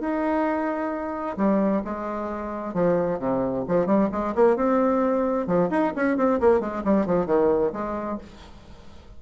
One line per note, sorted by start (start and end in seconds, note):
0.00 1.36 D#4
1.37 1.82 G3
1.84 2.73 G#3
2.73 3.18 F3
3.18 3.64 C3
3.67 3.86 F3
3.86 4.09 G3
4.11 4.34 G#3
4.35 4.56 A#3
4.56 5.47 C4
5.47 5.69 F3
5.70 5.93 D#4
5.95 6.17 C#4
6.17 6.39 C4
6.40 6.60 A#3
6.60 6.82 G#3
6.84 7.06 G3
7.06 7.26 F3
7.26 7.71 D#3
7.72 8.18 G#3